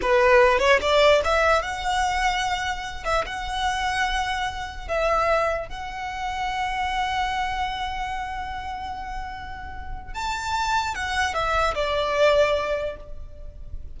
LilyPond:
\new Staff \with { instrumentName = "violin" } { \time 4/4 \tempo 4 = 148 b'4. cis''8 d''4 e''4 | fis''2.~ fis''8 e''8 | fis''1 | e''2 fis''2~ |
fis''1~ | fis''1~ | fis''4 a''2 fis''4 | e''4 d''2. | }